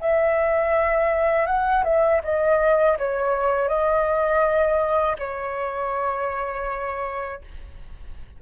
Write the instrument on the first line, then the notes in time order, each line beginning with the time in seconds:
flute
0.00 E5
1.46 F#5
1.84 E5
2.23 D#5
2.98 C#5
3.68 D#5
5.19 C#5